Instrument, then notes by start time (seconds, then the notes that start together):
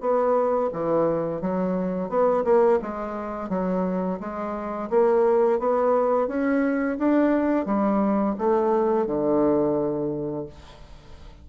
bassoon
0.00 B3
0.72 E3
1.41 F#3
2.09 B3
2.44 A#3
2.82 G#3
3.49 F#3
4.20 G#3
4.89 A#3
5.59 B3
6.27 C#4
6.98 D4
7.65 G3
8.38 A3
9.06 D3